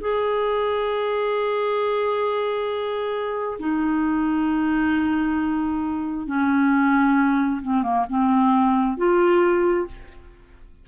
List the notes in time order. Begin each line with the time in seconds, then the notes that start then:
0.00 G#4
3.59 D#4
6.27 C#4
7.62 C4
7.83 A#3
8.09 C4
8.97 F4